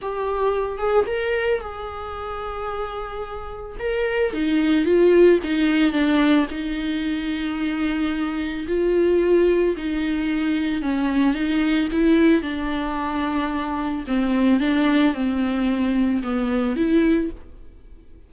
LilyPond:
\new Staff \with { instrumentName = "viola" } { \time 4/4 \tempo 4 = 111 g'4. gis'8 ais'4 gis'4~ | gis'2. ais'4 | dis'4 f'4 dis'4 d'4 | dis'1 |
f'2 dis'2 | cis'4 dis'4 e'4 d'4~ | d'2 c'4 d'4 | c'2 b4 e'4 | }